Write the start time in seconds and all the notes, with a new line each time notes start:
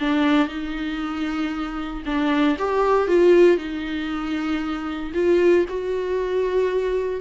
0.00 D4
0.48 D#4
2.06 D4
2.59 G4
3.08 F4
3.57 D#4
5.14 F4
5.69 F#4